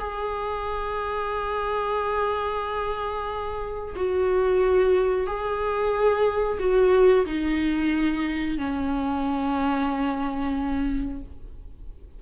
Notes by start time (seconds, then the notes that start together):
0.00 G#4
3.96 F#4
5.27 G#4
6.60 F#4
7.26 D#4
8.58 C#4